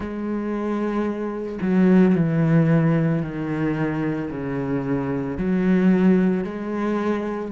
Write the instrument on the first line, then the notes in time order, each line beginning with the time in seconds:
cello
0.00 G#3
1.61 F#3
2.15 E3
3.22 D#3
4.30 C#3
5.37 F#3
6.44 G#3